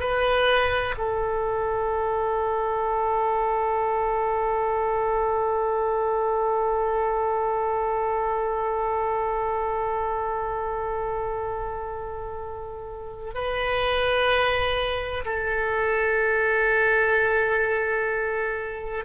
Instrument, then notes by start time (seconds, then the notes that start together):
oboe
0.00 B4
0.98 A4
13.35 B4
15.26 A4